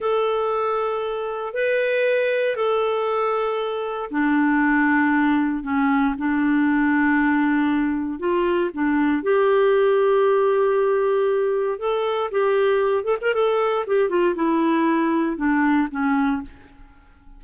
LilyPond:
\new Staff \with { instrumentName = "clarinet" } { \time 4/4 \tempo 4 = 117 a'2. b'4~ | b'4 a'2. | d'2. cis'4 | d'1 |
f'4 d'4 g'2~ | g'2. a'4 | g'4. a'16 ais'16 a'4 g'8 f'8 | e'2 d'4 cis'4 | }